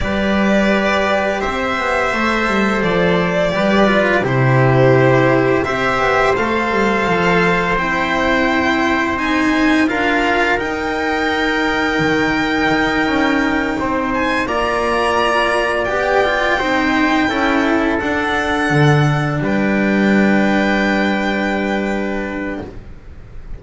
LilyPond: <<
  \new Staff \with { instrumentName = "violin" } { \time 4/4 \tempo 4 = 85 d''2 e''2 | d''2 c''2 | e''4 f''2 g''4~ | g''4 gis''4 f''4 g''4~ |
g''1 | gis''8 ais''2 g''4.~ | g''4. fis''2 g''8~ | g''1 | }
  \new Staff \with { instrumentName = "trumpet" } { \time 4/4 b'2 c''2~ | c''4 b'4 g'2 | c''1~ | c''2 ais'2~ |
ais'2.~ ais'8 c''8~ | c''8 d''2. c''8~ | c''8 a'2. b'8~ | b'1 | }
  \new Staff \with { instrumentName = "cello" } { \time 4/4 g'2. a'4~ | a'4 g'8 f'8 e'2 | g'4 a'2 e'4~ | e'4 dis'4 f'4 dis'4~ |
dis'1~ | dis'8 f'2 g'8 f'8 dis'8~ | dis'8 e'4 d'2~ d'8~ | d'1 | }
  \new Staff \with { instrumentName = "double bass" } { \time 4/4 g2 c'8 b8 a8 g8 | f4 g4 c2 | c'8 b8 a8 g8 f4 c'4~ | c'2 d'4 dis'4~ |
dis'4 dis4 dis'8 cis'4 c'8~ | c'8 ais2 b4 c'8~ | c'8 cis'4 d'4 d4 g8~ | g1 | }
>>